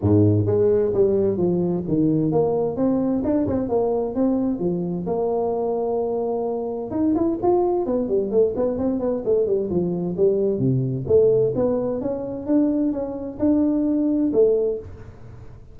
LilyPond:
\new Staff \with { instrumentName = "tuba" } { \time 4/4 \tempo 4 = 130 gis,4 gis4 g4 f4 | dis4 ais4 c'4 d'8 c'8 | ais4 c'4 f4 ais4~ | ais2. dis'8 e'8 |
f'4 b8 g8 a8 b8 c'8 b8 | a8 g8 f4 g4 c4 | a4 b4 cis'4 d'4 | cis'4 d'2 a4 | }